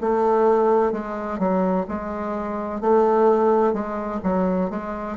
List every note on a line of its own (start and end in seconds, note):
0.00 0.92 A3
0.92 1.38 G#3
1.38 1.85 F#3
1.88 2.80 G#3
2.80 3.73 A3
3.73 4.20 G#3
4.23 4.70 F#3
4.70 5.16 G#3